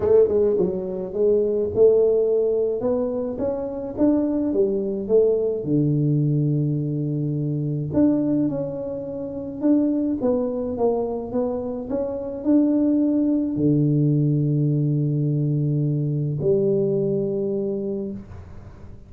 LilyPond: \new Staff \with { instrumentName = "tuba" } { \time 4/4 \tempo 4 = 106 a8 gis8 fis4 gis4 a4~ | a4 b4 cis'4 d'4 | g4 a4 d2~ | d2 d'4 cis'4~ |
cis'4 d'4 b4 ais4 | b4 cis'4 d'2 | d1~ | d4 g2. | }